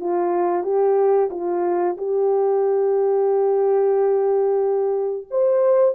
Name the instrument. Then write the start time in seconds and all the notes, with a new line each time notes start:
horn
0.00 F4
0.64 G4
1.31 F4
1.98 G4
5.31 C5